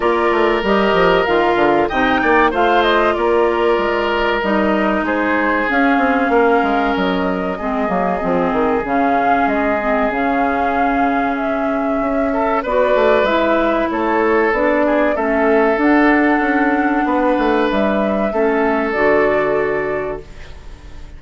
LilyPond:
<<
  \new Staff \with { instrumentName = "flute" } { \time 4/4 \tempo 4 = 95 d''4 dis''4 f''4 g''4 | f''8 dis''8 d''2 dis''4 | c''4 f''2 dis''4~ | dis''2 f''4 dis''4 |
f''2 e''2 | d''4 e''4 cis''4 d''4 | e''4 fis''2. | e''2 d''2 | }
  \new Staff \with { instrumentName = "oboe" } { \time 4/4 ais'2. dis''8 d''8 | c''4 ais'2. | gis'2 ais'2 | gis'1~ |
gis'2.~ gis'8 a'8 | b'2 a'4. gis'8 | a'2. b'4~ | b'4 a'2. | }
  \new Staff \with { instrumentName = "clarinet" } { \time 4/4 f'4 g'4 f'4 dis'4 | f'2. dis'4~ | dis'4 cis'2. | c'8 ais8 c'4 cis'4. c'8 |
cis'1 | fis'4 e'2 d'4 | cis'4 d'2.~ | d'4 cis'4 fis'2 | }
  \new Staff \with { instrumentName = "bassoon" } { \time 4/4 ais8 a8 g8 f8 dis8 d8 c8 ais8 | a4 ais4 gis4 g4 | gis4 cis'8 c'8 ais8 gis8 fis4 | gis8 fis8 f8 dis8 cis4 gis4 |
cis2. cis'4 | b8 a8 gis4 a4 b4 | a4 d'4 cis'4 b8 a8 | g4 a4 d2 | }
>>